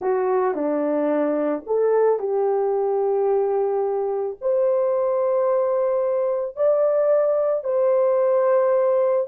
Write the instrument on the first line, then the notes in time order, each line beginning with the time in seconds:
horn
0.01 F#4
0.54 D4
1.66 A4
2.19 G4
4.41 C5
6.56 D5
7.64 C5